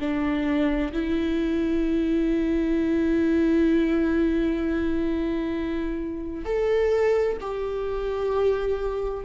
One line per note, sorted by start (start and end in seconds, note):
0.00 0.92 D4
0.93 6.45 E4
6.45 7.38 A4
7.41 9.25 G4